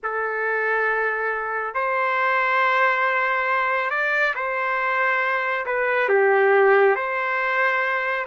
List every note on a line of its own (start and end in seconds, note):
0.03 1.74 A4
1.74 3.90 C5
3.90 4.34 D5
4.35 5.65 C5
5.66 6.09 B4
6.09 6.95 G4
6.95 8.26 C5